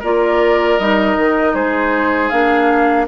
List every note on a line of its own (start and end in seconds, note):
0.00 0.79 A#3
0.00 0.80 F4
0.00 1.52 A#4
0.00 0.79 D5
0.79 1.17 G3
0.79 2.31 D#4
0.79 1.55 D#5
1.17 1.54 D#3
1.54 2.30 G#3
1.54 3.06 G#4
1.54 2.29 C5
2.29 3.08 A#3
2.29 3.07 D4
2.29 3.05 F5